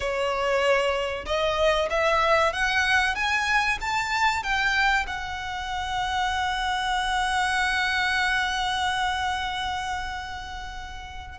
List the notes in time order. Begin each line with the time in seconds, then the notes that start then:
0.00 C#5
1.25 D#5
1.89 E5
2.53 F#5
3.15 G#5
3.81 A5
4.43 G5
5.06 F#5